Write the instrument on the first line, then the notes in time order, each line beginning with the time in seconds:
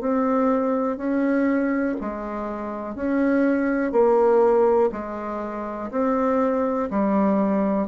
bassoon
0.00 C4
0.97 C#4
2.01 G#3
2.95 C#4
3.92 A#3
4.92 G#3
5.91 C4
6.90 G3